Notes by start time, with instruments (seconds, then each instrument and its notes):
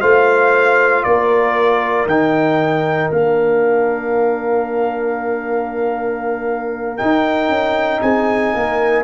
0.00 tuba A3, trombone F4, horn C5, trumpet F5
1.03 tuba A#3, horn A#4, trumpet D5
2.05 tuba D#3, trombone D#4, trumpet G5
3.11 tuba A#3, trombone D4, trumpet F5
6.97 trombone D#4, tuba D#4, trumpet G5
7.48 tuba C#4
8.01 tuba C4, horn G#4, trumpet G#5
8.54 tuba A#3, horn A#4